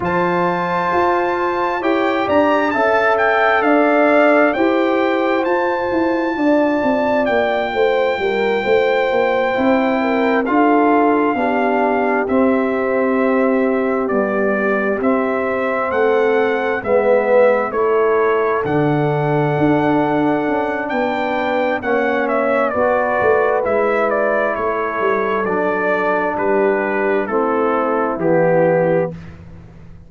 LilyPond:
<<
  \new Staff \with { instrumentName = "trumpet" } { \time 4/4 \tempo 4 = 66 a''2 g''8 ais''8 a''8 g''8 | f''4 g''4 a''2 | g''2.~ g''8 f''8~ | f''4. e''2 d''8~ |
d''8 e''4 fis''4 e''4 cis''8~ | cis''8 fis''2~ fis''8 g''4 | fis''8 e''8 d''4 e''8 d''8 cis''4 | d''4 b'4 a'4 g'4 | }
  \new Staff \with { instrumentName = "horn" } { \time 4/4 c''2 cis''8 d''8 e''4 | d''4 c''2 d''4~ | d''8 c''8 ais'8 c''4. ais'8 a'8~ | a'8 g'2.~ g'8~ |
g'4. a'4 b'4 a'8~ | a'2. b'4 | cis''4 b'2 a'4~ | a'4 g'4 e'2 | }
  \new Staff \with { instrumentName = "trombone" } { \time 4/4 f'2 g'4 a'4~ | a'4 g'4 f'2~ | f'2~ f'8 e'4 f'8~ | f'8 d'4 c'2 g8~ |
g8 c'2 b4 e'8~ | e'8 d'2.~ d'8 | cis'4 fis'4 e'2 | d'2 c'4 b4 | }
  \new Staff \with { instrumentName = "tuba" } { \time 4/4 f4 f'4 e'8 d'8 cis'4 | d'4 e'4 f'8 e'8 d'8 c'8 | ais8 a8 g8 a8 ais8 c'4 d'8~ | d'8 b4 c'2 b8~ |
b8 c'4 a4 gis4 a8~ | a8 d4 d'4 cis'8 b4 | ais4 b8 a8 gis4 a8 g8 | fis4 g4 a4 e4 | }
>>